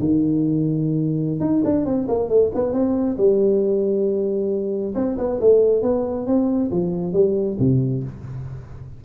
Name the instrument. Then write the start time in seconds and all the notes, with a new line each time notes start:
tuba
0.00 D#3
1.41 D#4
1.65 D4
1.86 C4
2.08 A#3
2.29 A3
2.55 B3
2.73 C4
3.18 G3
4.95 C4
5.18 B3
5.41 A3
5.83 B3
6.27 C4
6.72 F3
7.14 G3
7.60 C3